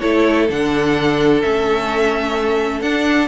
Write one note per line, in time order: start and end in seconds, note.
0.00 0.49 A3
0.00 0.48 E4
0.00 3.28 A4
0.00 0.47 C#5
0.49 1.43 D3
0.49 1.42 D4
0.49 1.41 F#5
1.41 2.81 A3
1.41 2.83 C#4
1.41 2.82 E5
2.81 3.28 D4
2.81 3.28 F#5